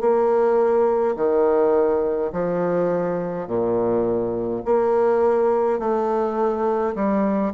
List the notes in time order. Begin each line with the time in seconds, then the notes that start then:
0.00 A#3
1.16 D#3
2.32 F3
3.47 A#2
4.65 A#3
5.79 A3
6.95 G3